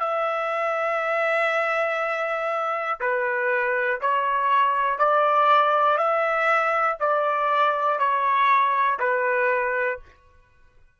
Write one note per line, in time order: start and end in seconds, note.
0.00 3.00 E5
3.00 4.00 B4
4.01 4.99 C#5
4.99 5.97 D5
5.97 6.97 E5
7.00 8.00 D5
8.00 9.00 C#5
9.00 10.00 B4